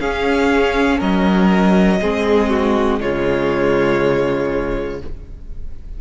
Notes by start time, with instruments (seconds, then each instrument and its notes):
0.00 cello C#4, viola C#4, violin G#4 F5
0.98 cello F#3, violin A#4 D#5
2.01 cello G#3, viola C4, violin G#4
2.50 violin F#4
3.01 cello C#3, viola G#3, violin F4 C#5